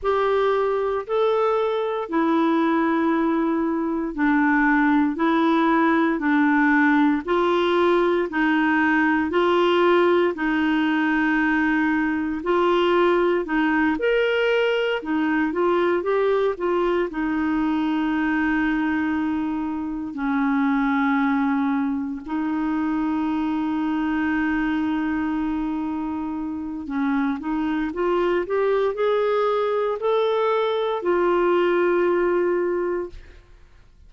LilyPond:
\new Staff \with { instrumentName = "clarinet" } { \time 4/4 \tempo 4 = 58 g'4 a'4 e'2 | d'4 e'4 d'4 f'4 | dis'4 f'4 dis'2 | f'4 dis'8 ais'4 dis'8 f'8 g'8 |
f'8 dis'2. cis'8~ | cis'4. dis'2~ dis'8~ | dis'2 cis'8 dis'8 f'8 g'8 | gis'4 a'4 f'2 | }